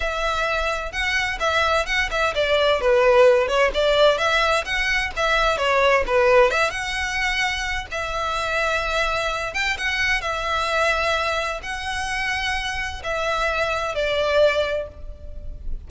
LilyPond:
\new Staff \with { instrumentName = "violin" } { \time 4/4 \tempo 4 = 129 e''2 fis''4 e''4 | fis''8 e''8 d''4 b'4. cis''8 | d''4 e''4 fis''4 e''4 | cis''4 b'4 e''8 fis''4.~ |
fis''4 e''2.~ | e''8 g''8 fis''4 e''2~ | e''4 fis''2. | e''2 d''2 | }